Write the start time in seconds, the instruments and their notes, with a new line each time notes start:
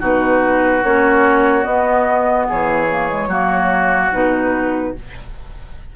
0.00 bassoon B2, clarinet D#4, oboe F#4, flute B4
0.84 bassoon A#3, clarinet C#4, flute C#5
1.63 clarinet B3, bassoon B3, flute D#5
2.49 bassoon E3, oboe G#4, flute C#5
2.91 clarinet A#3
3.09 clarinet G#3
3.28 bassoon F#3, clarinet A#3, oboe F#4
4.12 bassoon B2, clarinet D#4, flute B4